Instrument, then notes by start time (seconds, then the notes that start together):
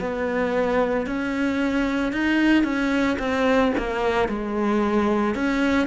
cello
0.00 B3
1.07 C#4
2.13 D#4
2.64 C#4
3.19 C4
3.78 A#3
4.29 G#3
5.35 C#4